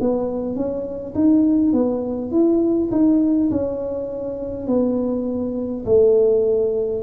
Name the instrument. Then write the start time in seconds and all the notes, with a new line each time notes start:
tuba
0.00 B3
0.55 C#4
1.14 D#4
1.72 B3
2.31 E4
2.91 D#4
3.50 C#4
4.67 B3
5.85 A3